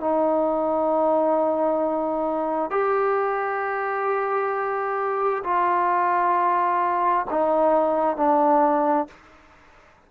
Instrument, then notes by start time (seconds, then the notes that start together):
trombone
0.00 D#4
2.70 G4
5.44 F4
7.30 D#4
8.16 D4